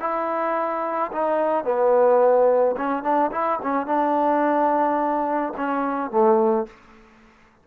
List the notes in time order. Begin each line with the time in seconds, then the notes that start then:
0.00 E4
1.12 D#4
1.64 B3
2.77 C#4
3.03 D4
3.31 E4
3.62 C#4
3.87 D4
5.57 C#4
6.11 A3